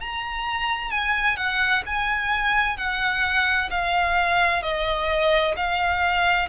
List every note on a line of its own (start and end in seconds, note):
0.00 0.91 A#5
0.91 1.36 G#5
1.36 1.83 F#5
1.85 2.77 G#5
2.77 3.69 F#5
3.70 4.62 F5
4.62 5.54 D#5
5.56 6.48 F5